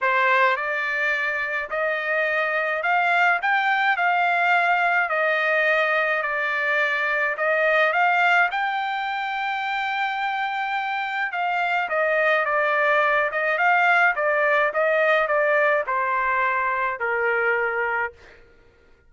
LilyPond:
\new Staff \with { instrumentName = "trumpet" } { \time 4/4 \tempo 4 = 106 c''4 d''2 dis''4~ | dis''4 f''4 g''4 f''4~ | f''4 dis''2 d''4~ | d''4 dis''4 f''4 g''4~ |
g''1 | f''4 dis''4 d''4. dis''8 | f''4 d''4 dis''4 d''4 | c''2 ais'2 | }